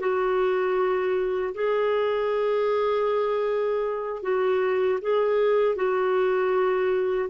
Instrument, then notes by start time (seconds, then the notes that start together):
clarinet
0.00 F#4
1.55 G#4
4.22 F#4
5.01 G#4
5.76 F#4